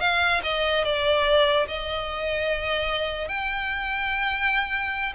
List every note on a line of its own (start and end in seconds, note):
0.00 0.41 F5
0.43 0.84 D#5
0.84 1.67 D5
1.68 3.28 D#5
3.28 5.13 G5